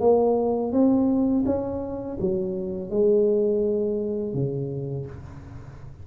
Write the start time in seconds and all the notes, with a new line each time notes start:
0.00 A#3
0.72 C4
1.46 C#4
2.20 F#3
2.90 G#3
4.34 C#3